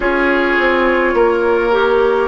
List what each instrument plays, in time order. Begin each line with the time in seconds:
0.00 bassoon C#4, clarinet F4, oboe G#4, flute C#5
0.58 bassoon C4
1.13 bassoon A#3, oboe A#4
1.71 clarinet G4